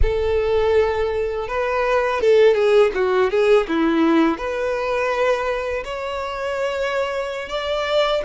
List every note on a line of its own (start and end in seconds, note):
0.02 1.48 A4
1.48 2.21 B4
2.21 2.54 A4
2.54 2.91 G#4
2.94 3.30 F#4
3.30 3.67 G#4
3.68 4.37 E4
4.37 5.83 B4
5.84 7.48 C#5
7.48 8.22 D5